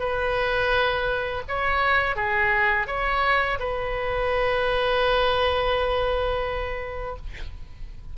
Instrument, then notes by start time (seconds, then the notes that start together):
oboe
0.00 B4
1.48 C#5
2.16 G#4
2.87 C#5
3.60 B4